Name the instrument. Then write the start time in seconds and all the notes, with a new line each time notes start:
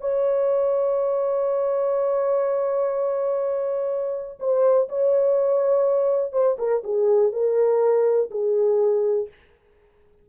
horn
0.00 C#5
4.39 C5
4.89 C#5
6.32 C5
6.58 A#4
6.83 G#4
7.32 A#4
8.30 G#4